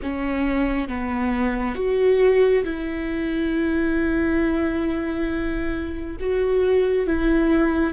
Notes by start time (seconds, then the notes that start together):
0.02 C#4
0.88 B3
1.75 F#4
2.64 E4
6.20 F#4
7.06 E4